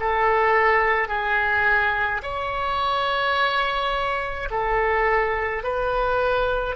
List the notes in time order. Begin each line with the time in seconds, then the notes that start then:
0.00 A4
1.08 G#4
2.23 C#5
4.50 A4
5.63 B4